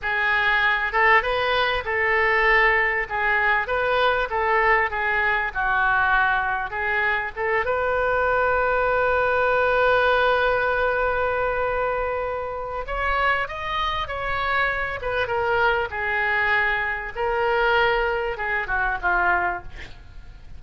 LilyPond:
\new Staff \with { instrumentName = "oboe" } { \time 4/4 \tempo 4 = 98 gis'4. a'8 b'4 a'4~ | a'4 gis'4 b'4 a'4 | gis'4 fis'2 gis'4 | a'8 b'2.~ b'8~ |
b'1~ | b'4 cis''4 dis''4 cis''4~ | cis''8 b'8 ais'4 gis'2 | ais'2 gis'8 fis'8 f'4 | }